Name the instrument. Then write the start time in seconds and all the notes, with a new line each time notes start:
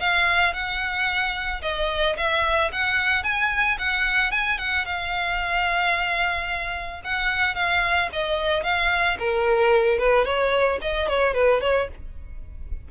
violin
0.00 F5
0.54 F#5
1.62 D#5
2.17 E5
2.72 F#5
3.24 G#5
3.79 F#5
4.31 G#5
4.58 F#5
4.85 F5
7.04 F#5
7.55 F5
8.13 D#5
8.63 F5
9.19 A#4
9.98 B4
10.25 C#5
10.82 D#5
11.08 C#5
11.34 B4
11.61 C#5